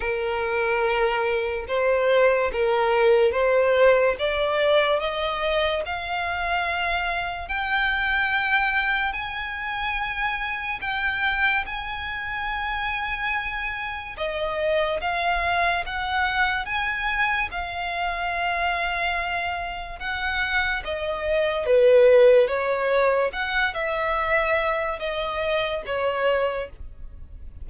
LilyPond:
\new Staff \with { instrumentName = "violin" } { \time 4/4 \tempo 4 = 72 ais'2 c''4 ais'4 | c''4 d''4 dis''4 f''4~ | f''4 g''2 gis''4~ | gis''4 g''4 gis''2~ |
gis''4 dis''4 f''4 fis''4 | gis''4 f''2. | fis''4 dis''4 b'4 cis''4 | fis''8 e''4. dis''4 cis''4 | }